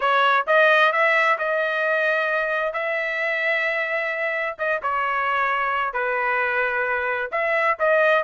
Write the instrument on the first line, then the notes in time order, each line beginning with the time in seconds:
trumpet
0.00 C#5
0.46 D#5
0.92 E5
1.38 D#5
2.73 E5
4.58 D#5
4.82 C#5
5.93 B4
7.31 E5
7.79 D#5